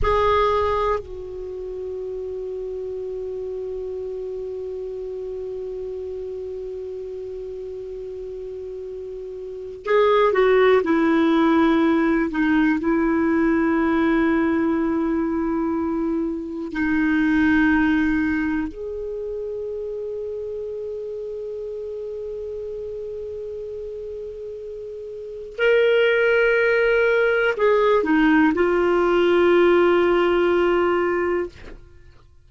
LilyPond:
\new Staff \with { instrumentName = "clarinet" } { \time 4/4 \tempo 4 = 61 gis'4 fis'2.~ | fis'1~ | fis'2 gis'8 fis'8 e'4~ | e'8 dis'8 e'2.~ |
e'4 dis'2 gis'4~ | gis'1~ | gis'2 ais'2 | gis'8 dis'8 f'2. | }